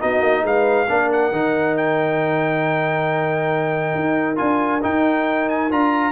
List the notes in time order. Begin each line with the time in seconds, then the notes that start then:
0.00 B3 D#4 F#4 D#5
0.21 A#3
0.43 G#3 B4 F5
0.89 A#3 D4 A#4
1.12 F#5
1.32 D#3 D#4
1.77 G5
3.95 D#4
4.37 D4 F4 G#5
4.82 D#4 G5
5.49 G#5
5.71 D4 F4 A#5